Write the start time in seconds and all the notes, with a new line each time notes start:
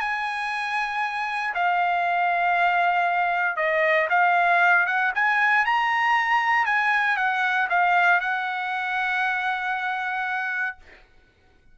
0.00 G#5
1.54 F5
3.57 D#5
4.10 F5
4.86 F#5
5.15 G#5
5.65 A#5
6.66 G#5
7.17 F#5
7.69 F5
8.20 F#5